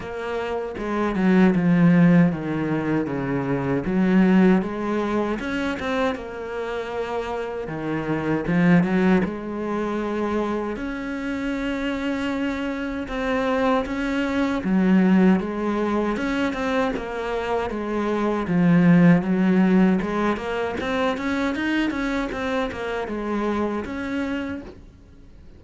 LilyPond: \new Staff \with { instrumentName = "cello" } { \time 4/4 \tempo 4 = 78 ais4 gis8 fis8 f4 dis4 | cis4 fis4 gis4 cis'8 c'8 | ais2 dis4 f8 fis8 | gis2 cis'2~ |
cis'4 c'4 cis'4 fis4 | gis4 cis'8 c'8 ais4 gis4 | f4 fis4 gis8 ais8 c'8 cis'8 | dis'8 cis'8 c'8 ais8 gis4 cis'4 | }